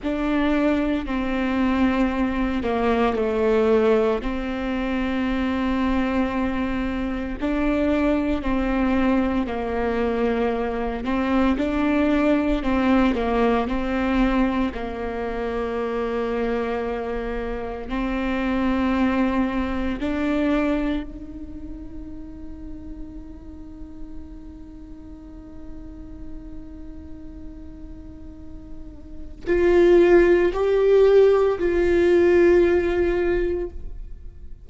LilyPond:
\new Staff \with { instrumentName = "viola" } { \time 4/4 \tempo 4 = 57 d'4 c'4. ais8 a4 | c'2. d'4 | c'4 ais4. c'8 d'4 | c'8 ais8 c'4 ais2~ |
ais4 c'2 d'4 | dis'1~ | dis'1 | f'4 g'4 f'2 | }